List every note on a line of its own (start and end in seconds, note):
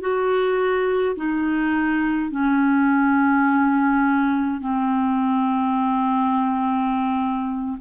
0.00 1.15 F#4
1.16 2.31 D#4
2.31 4.60 C#4
4.60 7.78 C4